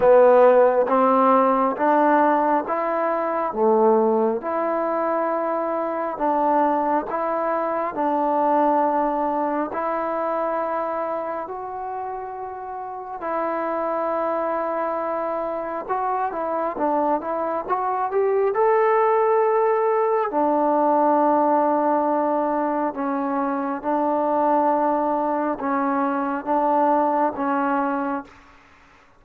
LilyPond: \new Staff \with { instrumentName = "trombone" } { \time 4/4 \tempo 4 = 68 b4 c'4 d'4 e'4 | a4 e'2 d'4 | e'4 d'2 e'4~ | e'4 fis'2 e'4~ |
e'2 fis'8 e'8 d'8 e'8 | fis'8 g'8 a'2 d'4~ | d'2 cis'4 d'4~ | d'4 cis'4 d'4 cis'4 | }